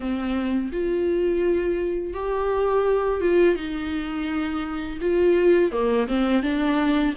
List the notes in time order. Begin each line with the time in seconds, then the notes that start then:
0.00 C4
0.72 F4
2.13 G4
3.20 F4
3.55 D#4
5.00 F4
5.71 A#3
6.07 C4
6.43 D4